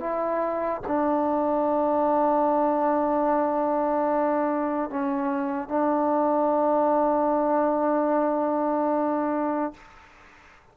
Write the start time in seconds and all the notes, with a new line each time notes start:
0.00 E4
0.87 D4
4.90 C#4
5.68 D4